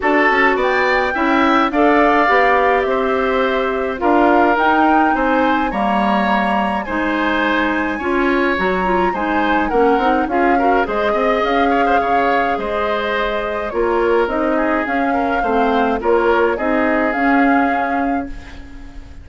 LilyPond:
<<
  \new Staff \with { instrumentName = "flute" } { \time 4/4 \tempo 4 = 105 a''4 g''2 f''4~ | f''4 e''2 f''4 | g''4 gis''4 ais''2 | gis''2. ais''4 |
gis''4 fis''4 f''4 dis''4 | f''2 dis''2 | cis''4 dis''4 f''2 | cis''4 dis''4 f''2 | }
  \new Staff \with { instrumentName = "oboe" } { \time 4/4 a'4 d''4 e''4 d''4~ | d''4 c''2 ais'4~ | ais'4 c''4 cis''2 | c''2 cis''2 |
c''4 ais'4 gis'8 ais'8 c''8 dis''8~ | dis''8 cis''16 c''16 cis''4 c''2 | ais'4. gis'4 ais'8 c''4 | ais'4 gis'2. | }
  \new Staff \with { instrumentName = "clarinet" } { \time 4/4 fis'2 e'4 a'4 | g'2. f'4 | dis'2 ais2 | dis'2 f'4 fis'8 f'8 |
dis'4 cis'8 dis'8 f'8 fis'8 gis'4~ | gis'1 | f'4 dis'4 cis'4 c'4 | f'4 dis'4 cis'2 | }
  \new Staff \with { instrumentName = "bassoon" } { \time 4/4 d'8 cis'8 b4 cis'4 d'4 | b4 c'2 d'4 | dis'4 c'4 g2 | gis2 cis'4 fis4 |
gis4 ais8 c'8 cis'4 gis8 c'8 | cis'4 cis4 gis2 | ais4 c'4 cis'4 a4 | ais4 c'4 cis'2 | }
>>